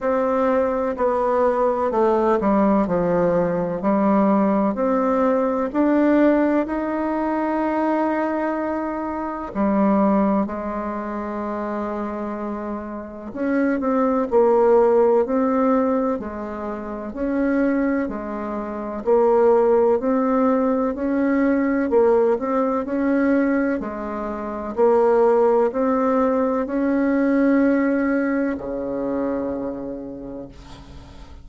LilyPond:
\new Staff \with { instrumentName = "bassoon" } { \time 4/4 \tempo 4 = 63 c'4 b4 a8 g8 f4 | g4 c'4 d'4 dis'4~ | dis'2 g4 gis4~ | gis2 cis'8 c'8 ais4 |
c'4 gis4 cis'4 gis4 | ais4 c'4 cis'4 ais8 c'8 | cis'4 gis4 ais4 c'4 | cis'2 cis2 | }